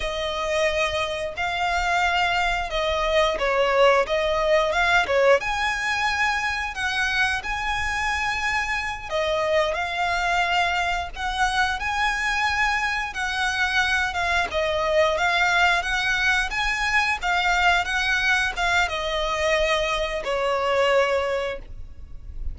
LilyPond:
\new Staff \with { instrumentName = "violin" } { \time 4/4 \tempo 4 = 89 dis''2 f''2 | dis''4 cis''4 dis''4 f''8 cis''8 | gis''2 fis''4 gis''4~ | gis''4. dis''4 f''4.~ |
f''8 fis''4 gis''2 fis''8~ | fis''4 f''8 dis''4 f''4 fis''8~ | fis''8 gis''4 f''4 fis''4 f''8 | dis''2 cis''2 | }